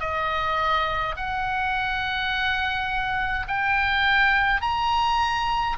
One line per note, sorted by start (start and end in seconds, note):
0.00 1.15 D#5
1.16 3.47 F#5
3.48 4.62 G5
4.62 5.77 A#5